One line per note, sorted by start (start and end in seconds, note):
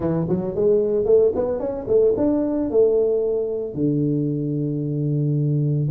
0.00 0.27 E3
0.28 0.55 F#3
0.55 1.05 G#3
1.05 1.32 A3
1.35 1.59 B3
1.59 1.86 C#4
1.87 2.14 A3
2.16 2.70 D4
2.70 3.74 A3
3.74 5.88 D3